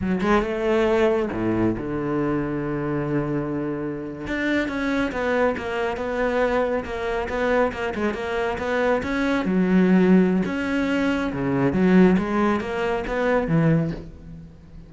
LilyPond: \new Staff \with { instrumentName = "cello" } { \time 4/4 \tempo 4 = 138 fis8 gis8 a2 a,4 | d1~ | d4.~ d16 d'4 cis'4 b16~ | b8. ais4 b2 ais16~ |
ais8. b4 ais8 gis8 ais4 b16~ | b8. cis'4 fis2~ fis16 | cis'2 cis4 fis4 | gis4 ais4 b4 e4 | }